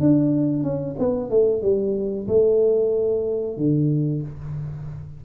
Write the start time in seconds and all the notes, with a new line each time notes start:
0.00 D4
0.63 C#4
0.99 B3
1.30 A3
1.62 G3
2.28 A3
3.57 D3